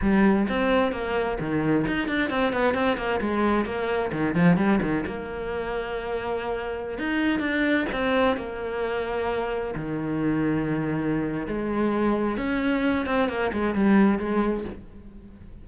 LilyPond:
\new Staff \with { instrumentName = "cello" } { \time 4/4 \tempo 4 = 131 g4 c'4 ais4 dis4 | dis'8 d'8 c'8 b8 c'8 ais8 gis4 | ais4 dis8 f8 g8 dis8 ais4~ | ais2.~ ais16 dis'8.~ |
dis'16 d'4 c'4 ais4.~ ais16~ | ais4~ ais16 dis2~ dis8.~ | dis4 gis2 cis'4~ | cis'8 c'8 ais8 gis8 g4 gis4 | }